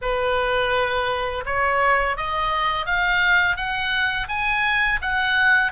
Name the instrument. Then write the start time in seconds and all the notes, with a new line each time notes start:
oboe
0.01 B4
1.45 C#5
2.16 D#5
2.86 F5
3.56 F#5
4.28 G#5
5.01 F#5